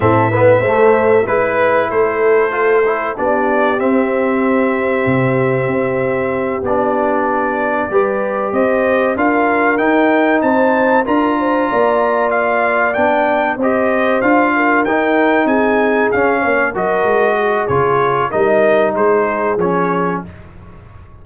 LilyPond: <<
  \new Staff \with { instrumentName = "trumpet" } { \time 4/4 \tempo 4 = 95 e''2 b'4 c''4~ | c''4 d''4 e''2~ | e''2~ e''8 d''4.~ | d''4. dis''4 f''4 g''8~ |
g''8 a''4 ais''2 f''8~ | f''8 g''4 dis''4 f''4 g''8~ | g''8 gis''4 f''4 dis''4. | cis''4 dis''4 c''4 cis''4 | }
  \new Staff \with { instrumentName = "horn" } { \time 4/4 a'8 b'8 c''4 b'4 a'4~ | a'4 g'2.~ | g'1~ | g'8 b'4 c''4 ais'4.~ |
ais'8 c''4 ais'8 c''8 d''4.~ | d''4. c''4. ais'4~ | ais'8 gis'4. cis''8 ais'4 gis'8~ | gis'4 ais'4 gis'2 | }
  \new Staff \with { instrumentName = "trombone" } { \time 4/4 c'8 b8 a4 e'2 | f'8 e'8 d'4 c'2~ | c'2~ c'8 d'4.~ | d'8 g'2 f'4 dis'8~ |
dis'4. f'2~ f'8~ | f'8 d'4 g'4 f'4 dis'8~ | dis'4. cis'4 fis'4. | f'4 dis'2 cis'4 | }
  \new Staff \with { instrumentName = "tuba" } { \time 4/4 a,4 a4 gis4 a4~ | a4 b4 c'2 | c4 c'4. b4.~ | b8 g4 c'4 d'4 dis'8~ |
dis'8 c'4 d'4 ais4.~ | ais8 b4 c'4 d'4 dis'8~ | dis'8 c'4 cis'8 ais8 fis8 gis4 | cis4 g4 gis4 f4 | }
>>